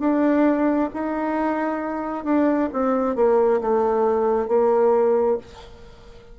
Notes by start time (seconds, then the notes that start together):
0.00 D4
0.94 D#4
2.25 D4
2.74 C4
3.16 A#3
3.61 A3
4.49 A#3